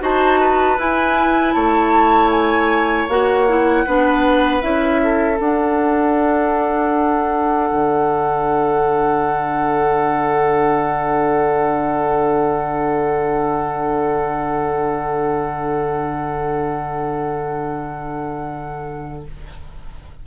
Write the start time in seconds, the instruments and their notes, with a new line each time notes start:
0.00 bassoon D#4, clarinet F#4, oboe C5, flute A5
0.40 oboe B4
0.78 bassoon E4, clarinet E4, flute G#5
1.53 bassoon A3, oboe C#5, flute A5
2.31 flute G#5
3.08 bassoon A#3, clarinet F#4, flute F#5
3.48 clarinet E4
3.86 bassoon B3, clarinet D4, oboe B4
4.62 bassoon C#4, clarinet E4, flute E5
5.03 oboe A4
5.37 clarinet D4, bassoon D4, flute F#5
7.71 bassoon D3